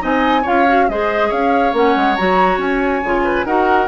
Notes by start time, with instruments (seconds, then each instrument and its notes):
0.00 bassoon C4, clarinet D#4, oboe D#5, flute G#5
0.42 bassoon C#4, clarinet F4, oboe C#5, flute F5
0.68 clarinet F#4
0.89 bassoon G#3, clarinet G#4, oboe C5, flute D#5
1.29 bassoon C#4, oboe C#5, flute F5
1.73 bassoon A#3, clarinet C#4, flute F#5
1.96 bassoon G#3
2.16 bassoon F#3, clarinet F#4, flute A#5
2.58 bassoon C#4, flute G#5
3.04 bassoon C#3, clarinet F4
3.24 oboe B4
3.45 bassoon D#4, clarinet F#4, oboe A#4, flute F#5